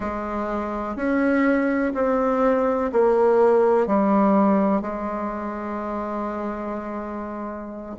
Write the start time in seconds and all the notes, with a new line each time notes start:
0.00 G#3
0.96 C#4
1.94 C4
2.92 A#3
3.87 G3
4.81 G#3